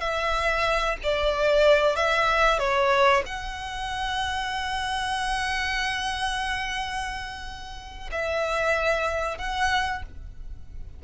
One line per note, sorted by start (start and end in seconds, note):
0.00 0.97 E5
1.03 1.96 D5
1.96 2.59 E5
2.59 3.23 C#5
3.26 8.10 F#5
8.12 9.38 E5
9.38 10.03 F#5